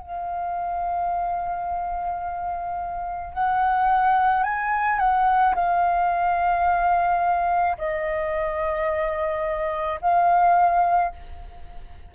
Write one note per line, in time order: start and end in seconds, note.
0.00 3.33 F5
3.33 4.43 F#5
4.43 4.98 G#5
4.98 5.54 F#5
5.55 7.77 F5
7.77 9.99 D#5
10.01 11.12 F5